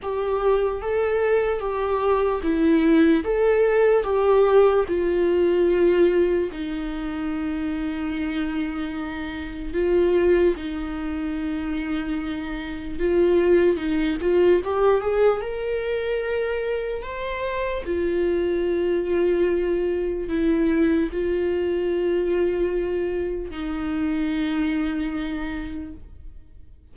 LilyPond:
\new Staff \with { instrumentName = "viola" } { \time 4/4 \tempo 4 = 74 g'4 a'4 g'4 e'4 | a'4 g'4 f'2 | dis'1 | f'4 dis'2. |
f'4 dis'8 f'8 g'8 gis'8 ais'4~ | ais'4 c''4 f'2~ | f'4 e'4 f'2~ | f'4 dis'2. | }